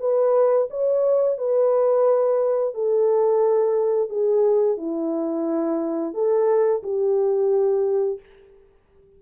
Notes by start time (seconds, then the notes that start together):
0.00 B4
0.71 C#5
1.38 B4
2.75 A4
4.09 G#4
4.78 E4
6.14 A4
6.83 G4